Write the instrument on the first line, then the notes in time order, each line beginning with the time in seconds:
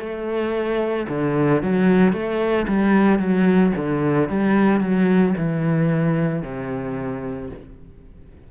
cello
0.00 A3
1.09 D3
1.63 F#3
2.13 A3
2.68 G3
3.19 F#3
3.77 D3
4.30 G3
4.81 F#3
5.38 E3
6.43 C3